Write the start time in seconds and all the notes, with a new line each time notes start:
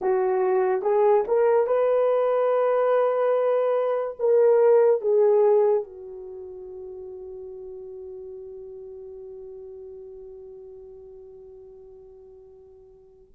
0.01 F#4
0.82 G#4
1.27 A#4
1.67 B4
4.19 A#4
5.01 G#4
5.83 F#4